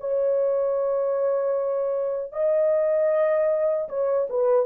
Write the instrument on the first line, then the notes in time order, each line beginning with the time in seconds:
horn
0.00 C#5
2.33 D#5
3.89 C#5
4.30 B4